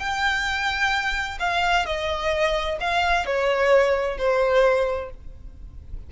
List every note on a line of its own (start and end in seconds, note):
0.00 1.38 G5
1.40 1.86 F5
1.87 2.79 D#5
2.80 3.26 F5
3.26 4.18 C#5
4.18 5.11 C5